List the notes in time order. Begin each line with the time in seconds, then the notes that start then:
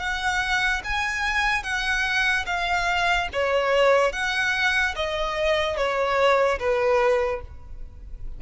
0.00 F#5
0.84 G#5
1.63 F#5
2.47 F5
3.33 C#5
4.13 F#5
4.96 D#5
5.77 C#5
6.59 B4